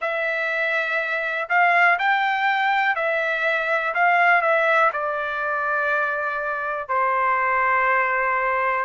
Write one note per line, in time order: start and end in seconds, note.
0.01 1.48 E5
1.49 1.98 F5
1.99 2.95 G5
2.95 3.93 E5
3.94 4.41 F5
4.41 4.90 E5
4.92 6.88 D5
6.88 8.85 C5